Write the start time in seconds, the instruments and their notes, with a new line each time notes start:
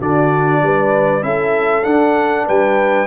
0.00 tuba D3, trombone D4, horn F#4, trumpet D5
0.62 tuba G3, horn B4
1.21 tuba C#4, trombone E4, horn A4, trumpet E5
1.84 trombone D4, tuba D4, trumpet F#5
2.46 tuba G3, horn B4, trumpet G5